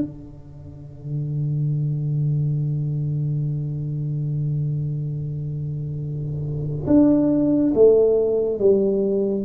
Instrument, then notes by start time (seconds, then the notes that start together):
tuba
0.00 D3
6.87 D4
7.75 A3
8.59 G3